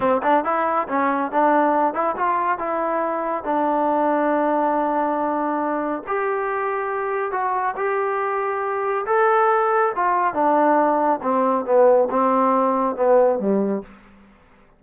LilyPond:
\new Staff \with { instrumentName = "trombone" } { \time 4/4 \tempo 4 = 139 c'8 d'8 e'4 cis'4 d'4~ | d'8 e'8 f'4 e'2 | d'1~ | d'2 g'2~ |
g'4 fis'4 g'2~ | g'4 a'2 f'4 | d'2 c'4 b4 | c'2 b4 g4 | }